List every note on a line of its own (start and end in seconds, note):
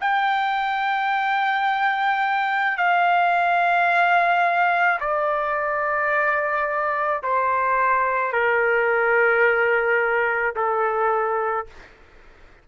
0.00 2.77 G5
2.77 4.99 F5
5.00 7.22 D5
7.23 8.32 C5
8.32 10.55 A#4
10.56 11.67 A4